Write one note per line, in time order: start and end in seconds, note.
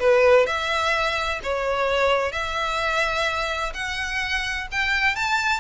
0.00 0.47 B4
0.47 1.40 E5
1.44 2.32 C#5
2.32 3.73 E5
3.74 4.68 F#5
4.72 5.16 G5
5.16 5.60 A5